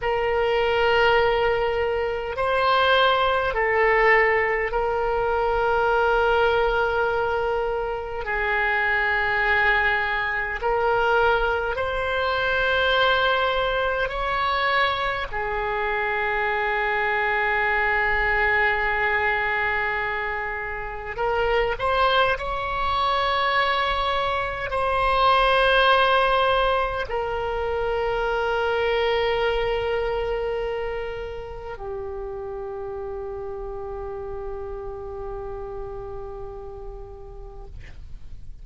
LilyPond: \new Staff \with { instrumentName = "oboe" } { \time 4/4 \tempo 4 = 51 ais'2 c''4 a'4 | ais'2. gis'4~ | gis'4 ais'4 c''2 | cis''4 gis'2.~ |
gis'2 ais'8 c''8 cis''4~ | cis''4 c''2 ais'4~ | ais'2. g'4~ | g'1 | }